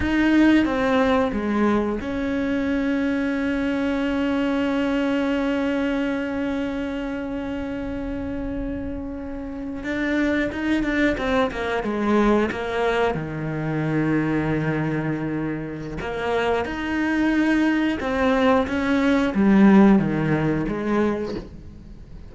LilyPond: \new Staff \with { instrumentName = "cello" } { \time 4/4 \tempo 4 = 90 dis'4 c'4 gis4 cis'4~ | cis'1~ | cis'1~ | cis'2~ cis'8. d'4 dis'16~ |
dis'16 d'8 c'8 ais8 gis4 ais4 dis16~ | dis1 | ais4 dis'2 c'4 | cis'4 g4 dis4 gis4 | }